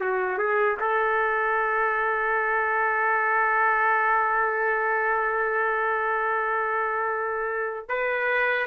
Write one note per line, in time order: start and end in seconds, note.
0.00 0.38 F#4
0.38 0.77 G#4
0.80 7.89 A4
7.89 8.66 B4